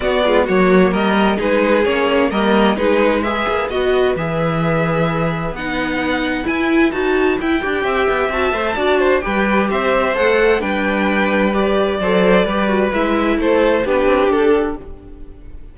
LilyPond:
<<
  \new Staff \with { instrumentName = "violin" } { \time 4/4 \tempo 4 = 130 d''4 cis''4 dis''4 b'4 | cis''4 dis''4 b'4 e''4 | dis''4 e''2. | fis''2 gis''4 a''4 |
g''2 a''2 | g''4 e''4 fis''4 g''4~ | g''4 d''2. | e''4 c''4 b'4 a'4 | }
  \new Staff \with { instrumentName = "violin" } { \time 4/4 fis'8 f'8 fis'4 ais'4 gis'4~ | gis'4 ais'4 gis'4 b'4~ | b'1~ | b'1~ |
b'4 e''2 d''8 c''8 | b'4 c''2 b'4~ | b'2 c''4 b'4~ | b'4 a'4 g'2 | }
  \new Staff \with { instrumentName = "viola" } { \time 4/4 b8 gis8 ais2 dis'4 | cis'4 ais4 dis'4 gis'4 | fis'4 gis'2. | dis'2 e'4 fis'4 |
e'8 g'4. fis'8 c''8 fis'4 | g'2 a'4 d'4~ | d'4 g'4 a'4 g'8 fis'8 | e'2 d'2 | }
  \new Staff \with { instrumentName = "cello" } { \time 4/4 b4 fis4 g4 gis4 | ais4 g4 gis4. ais8 | b4 e2. | b2 e'4 dis'4 |
e'8 d'8 c'8 b8 c'8 a8 d'4 | g4 c'4 a4 g4~ | g2 fis4 g4 | gis4 a4 b8 c'8 d'4 | }
>>